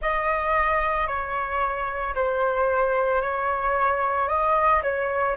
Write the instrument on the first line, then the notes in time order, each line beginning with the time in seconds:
flute
0.01 D#5
1.07 C#5
2.15 C5
3.21 C#5
4.28 D#5
4.82 C#5